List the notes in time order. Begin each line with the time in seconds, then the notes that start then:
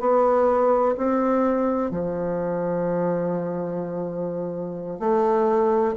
0.00 B3
0.97 C4
1.91 F3
5.00 A3